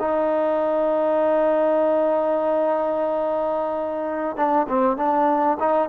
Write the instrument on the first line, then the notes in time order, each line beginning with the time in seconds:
trombone
0.00 D#4
4.37 D4
4.69 C4
4.98 D4
5.60 D#4